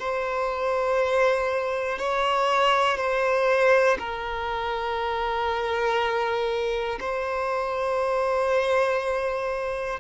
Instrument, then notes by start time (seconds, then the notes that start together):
violin
0.00 C5
1.99 C#5
2.97 C5
3.99 A#4
7.00 C5